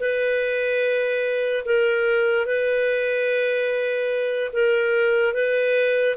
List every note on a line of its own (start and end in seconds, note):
0.00 1.64 B4
1.66 2.46 A#4
2.46 4.51 B4
4.53 5.33 A#4
5.33 6.16 B4